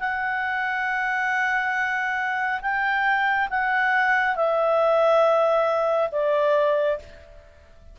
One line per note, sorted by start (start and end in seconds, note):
0.00 2.61 F#5
2.62 3.49 G5
3.50 4.36 F#5
4.36 6.10 E5
6.12 6.99 D5